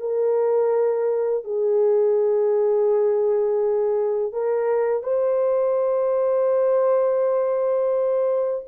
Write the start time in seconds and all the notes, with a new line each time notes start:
0.00 A#4
1.44 G#4
4.33 A#4
5.03 C5